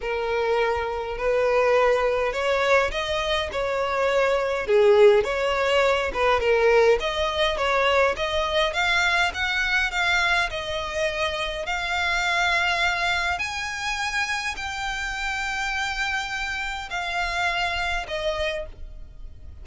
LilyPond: \new Staff \with { instrumentName = "violin" } { \time 4/4 \tempo 4 = 103 ais'2 b'2 | cis''4 dis''4 cis''2 | gis'4 cis''4. b'8 ais'4 | dis''4 cis''4 dis''4 f''4 |
fis''4 f''4 dis''2 | f''2. gis''4~ | gis''4 g''2.~ | g''4 f''2 dis''4 | }